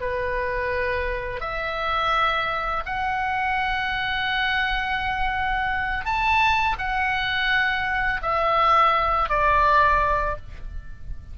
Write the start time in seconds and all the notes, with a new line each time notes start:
0.00 B4
1.40 E5
2.85 F#5
6.05 A5
6.78 F#5
8.21 E5
9.29 D5